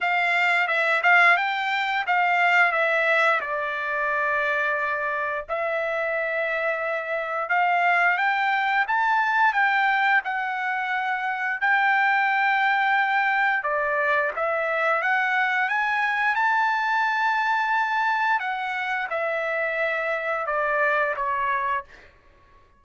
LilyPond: \new Staff \with { instrumentName = "trumpet" } { \time 4/4 \tempo 4 = 88 f''4 e''8 f''8 g''4 f''4 | e''4 d''2. | e''2. f''4 | g''4 a''4 g''4 fis''4~ |
fis''4 g''2. | d''4 e''4 fis''4 gis''4 | a''2. fis''4 | e''2 d''4 cis''4 | }